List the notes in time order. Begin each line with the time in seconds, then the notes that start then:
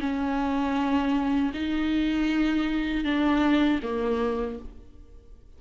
0.00 C#4
1.54 D#4
3.04 D4
3.83 A#3